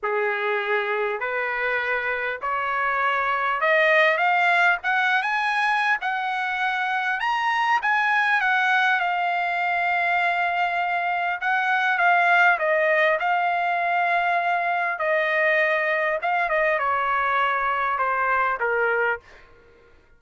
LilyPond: \new Staff \with { instrumentName = "trumpet" } { \time 4/4 \tempo 4 = 100 gis'2 b'2 | cis''2 dis''4 f''4 | fis''8. gis''4~ gis''16 fis''2 | ais''4 gis''4 fis''4 f''4~ |
f''2. fis''4 | f''4 dis''4 f''2~ | f''4 dis''2 f''8 dis''8 | cis''2 c''4 ais'4 | }